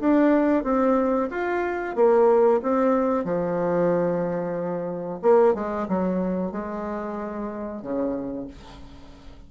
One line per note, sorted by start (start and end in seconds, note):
0.00 0.64 D4
0.64 1.29 C4
1.31 1.96 F4
1.96 2.61 A#3
2.62 3.24 C4
3.24 5.20 F3
5.22 5.55 A#3
5.55 5.87 G#3
5.88 6.52 F#3
6.52 7.82 G#3
7.82 8.48 C#3